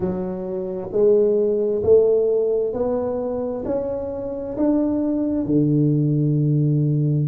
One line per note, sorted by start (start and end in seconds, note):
0.00 0.89 F#3
0.91 1.82 G#3
1.83 2.73 A3
2.73 3.64 B3
3.65 4.56 C#4
4.57 5.45 D4
5.45 7.27 D3